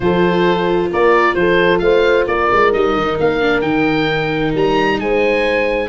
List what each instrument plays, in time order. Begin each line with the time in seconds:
0.00 tuba F3, viola F4, horn A4, oboe C5
0.91 tuba A#3, horn A#4, oboe D5
1.34 tuba F3, horn A4, oboe C5
1.78 tuba A3, horn C5, oboe F5
2.27 tuba A#3, horn A#4, oboe D5
2.52 tuba G#3
2.72 tuba G3, viola D#4, oboe D#5
2.96 tuba D#3
3.20 tuba A#3, oboe F5
3.41 viola D4
3.61 tuba D#3, viola D#4, oboe G5
4.54 tuba G3, oboe A#5
4.99 tuba G#3, horn C5, oboe G#5